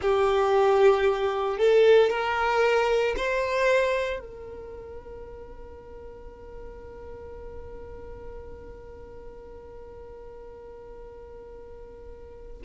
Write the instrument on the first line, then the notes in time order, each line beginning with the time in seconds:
violin
0.01 G4
1.58 A4
2.10 A#4
3.16 C5
4.19 A#4